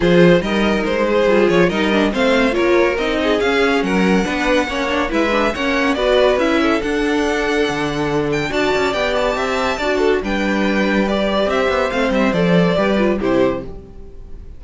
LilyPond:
<<
  \new Staff \with { instrumentName = "violin" } { \time 4/4 \tempo 4 = 141 c''4 dis''4 c''4. cis''8 | dis''4 f''4 cis''4 dis''4 | f''4 fis''2. | e''4 fis''4 d''4 e''4 |
fis''2.~ fis''8 g''8 | a''4 g''8 a''2~ a''8 | g''2 d''4 e''4 | f''8 e''8 d''2 c''4 | }
  \new Staff \with { instrumentName = "violin" } { \time 4/4 gis'4 ais'4. gis'4. | ais'4 c''4 ais'4. gis'8~ | gis'4 ais'4 b'4 cis''4 | b'4 cis''4 b'4. a'8~ |
a'1 | d''2 e''4 d''8 a'8 | b'2. c''4~ | c''2 b'4 g'4 | }
  \new Staff \with { instrumentName = "viola" } { \time 4/4 f'4 dis'2 f'4 | dis'8 d'8 c'4 f'4 dis'4 | cis'2 d'4 cis'8 d'8 | e'8 d'8 cis'4 fis'4 e'4 |
d'1 | fis'4 g'2 fis'4 | d'2 g'2 | c'4 a'4 g'8 f'8 e'4 | }
  \new Staff \with { instrumentName = "cello" } { \time 4/4 f4 g4 gis4 g8 f8 | g4 a4 ais4 c'4 | cis'4 fis4 b4 ais4 | gis4 ais4 b4 cis'4 |
d'2 d2 | d'8 cis'8 b4 c'4 d'4 | g2. c'8 b8 | a8 g8 f4 g4 c4 | }
>>